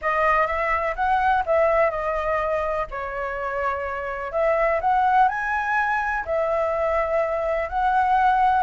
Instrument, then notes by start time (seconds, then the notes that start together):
flute
0.01 D#5
0.46 E5
0.95 F#5
1.46 E5
1.90 D#5
2.90 C#5
4.32 E5
4.80 F#5
5.28 G#5
6.25 E5
7.69 F#5